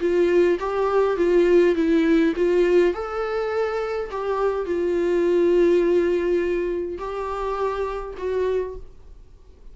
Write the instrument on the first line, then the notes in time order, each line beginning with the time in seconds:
viola
0.00 F4
0.60 G4
1.17 F4
1.75 E4
2.36 F4
2.94 A4
4.11 G4
4.66 F4
6.98 G4
8.18 F#4